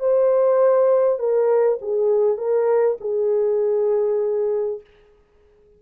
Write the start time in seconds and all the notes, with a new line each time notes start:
0.00 C5
1.19 A#4
1.82 G#4
2.38 A#4
3.01 G#4